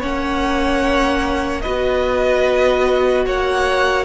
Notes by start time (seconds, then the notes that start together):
0.00 A#3 C#4 C#5 F#5
1.61 B3 F#4 B4 D#5
3.26 A#3 C#5 F#5